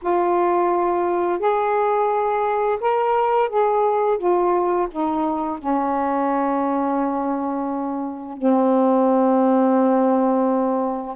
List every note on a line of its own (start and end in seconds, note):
0.02 1.39 F4
1.39 2.78 G#4
2.80 3.49 A#4
3.49 4.18 G#4
4.18 4.87 F4
4.90 5.58 D#4
5.58 8.37 C#4
8.37 11.16 C4